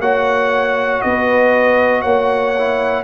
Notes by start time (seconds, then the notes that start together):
0.00 A#3 F#4 C#5 F#5
1.01 B3 B4 D#5
2.01 A#3 C#5 F#5
2.58 E4